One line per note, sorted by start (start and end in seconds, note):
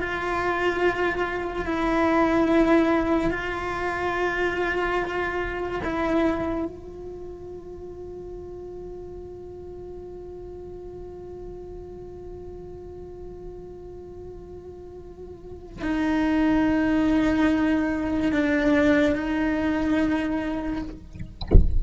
0.00 1.66 F4
1.66 3.31 E4
3.31 5.81 F4
5.84 6.66 E4
6.66 15.82 F4
15.83 18.33 D#4
18.33 19.16 D4
19.16 20.82 D#4